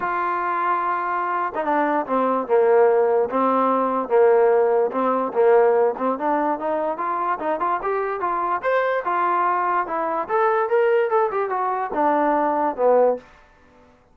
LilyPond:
\new Staff \with { instrumentName = "trombone" } { \time 4/4 \tempo 4 = 146 f'2.~ f'8. dis'16 | d'4 c'4 ais2 | c'2 ais2 | c'4 ais4. c'8 d'4 |
dis'4 f'4 dis'8 f'8 g'4 | f'4 c''4 f'2 | e'4 a'4 ais'4 a'8 g'8 | fis'4 d'2 b4 | }